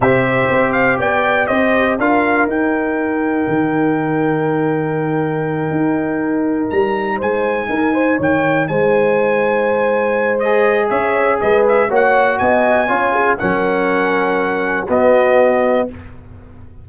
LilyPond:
<<
  \new Staff \with { instrumentName = "trumpet" } { \time 4/4 \tempo 4 = 121 e''4. f''8 g''4 dis''4 | f''4 g''2.~ | g''1~ | g''4. ais''4 gis''4.~ |
gis''8 g''4 gis''2~ gis''8~ | gis''4 dis''4 e''4 dis''8 e''8 | fis''4 gis''2 fis''4~ | fis''2 dis''2 | }
  \new Staff \with { instrumentName = "horn" } { \time 4/4 c''2 d''4 c''4 | ais'1~ | ais'1~ | ais'2~ ais'8 c''4 ais'8 |
c''8 cis''4 c''2~ c''8~ | c''2 cis''4 b'4 | cis''4 dis''4 cis''8 gis'8 ais'4~ | ais'2 fis'2 | }
  \new Staff \with { instrumentName = "trombone" } { \time 4/4 g'1 | f'4 dis'2.~ | dis'1~ | dis'1~ |
dis'1~ | dis'4 gis'2. | fis'2 f'4 cis'4~ | cis'2 b2 | }
  \new Staff \with { instrumentName = "tuba" } { \time 4/4 c4 c'4 b4 c'4 | d'4 dis'2 dis4~ | dis2.~ dis8 dis'8~ | dis'4. g4 gis4 dis'8~ |
dis'8 dis4 gis2~ gis8~ | gis2 cis'4 gis4 | ais4 b4 cis'4 fis4~ | fis2 b2 | }
>>